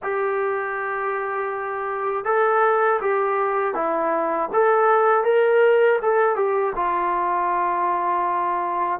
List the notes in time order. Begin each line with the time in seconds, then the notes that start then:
0.02 G4
2.25 A4
3.01 G4
3.74 E4
4.53 A4
5.24 A#4
6.01 A4
6.35 G4
6.75 F4